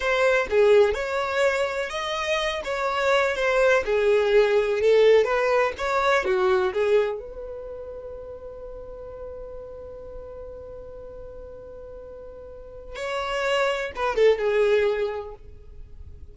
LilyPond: \new Staff \with { instrumentName = "violin" } { \time 4/4 \tempo 4 = 125 c''4 gis'4 cis''2 | dis''4. cis''4. c''4 | gis'2 a'4 b'4 | cis''4 fis'4 gis'4 b'4~ |
b'1~ | b'1~ | b'2. cis''4~ | cis''4 b'8 a'8 gis'2 | }